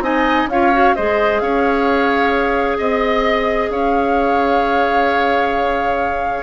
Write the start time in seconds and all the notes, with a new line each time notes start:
0.00 C4 D#4 D#5 G#5
0.47 C#4 F4 C#5 F5
0.73 F#4
0.95 G#3 G#4 C5 D#5
1.40 C#4 C#5 F5
2.78 C4 D#5
3.69 C#4 C#5 F5